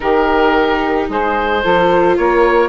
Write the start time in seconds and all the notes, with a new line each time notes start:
0.00 D#3 D#4 G4 A#4
1.09 G#3 G#4 C5
1.62 F3 F4 A4
2.17 A#3 A#4 C#5